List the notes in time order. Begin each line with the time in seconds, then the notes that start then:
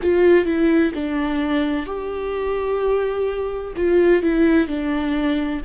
0.02 F4
0.45 E4
0.94 D4
1.86 G4
3.76 F4
4.22 E4
4.67 D4